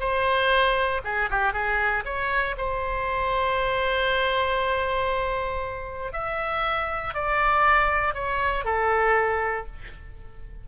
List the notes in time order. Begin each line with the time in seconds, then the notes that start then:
0.00 C5
1.04 G#4
1.30 G4
1.53 G#4
2.05 C#5
2.57 C5
6.13 E5
7.14 D5
8.14 C#5
8.65 A4